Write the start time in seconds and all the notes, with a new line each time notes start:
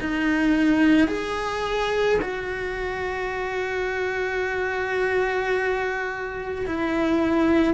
0.00 D#4
1.07 G#4
2.21 F#4
6.66 E4